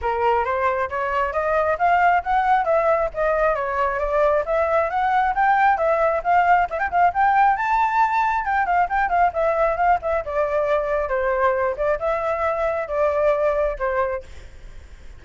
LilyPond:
\new Staff \with { instrumentName = "flute" } { \time 4/4 \tempo 4 = 135 ais'4 c''4 cis''4 dis''4 | f''4 fis''4 e''4 dis''4 | cis''4 d''4 e''4 fis''4 | g''4 e''4 f''4 e''16 g''16 f''8 |
g''4 a''2 g''8 f''8 | g''8 f''8 e''4 f''8 e''8 d''4~ | d''4 c''4. d''8 e''4~ | e''4 d''2 c''4 | }